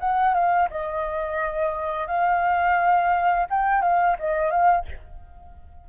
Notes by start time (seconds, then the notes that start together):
0.00 F#5
0.34 F5
0.70 D#5
2.07 F5
3.50 G5
3.82 F5
4.19 D#5
4.51 F5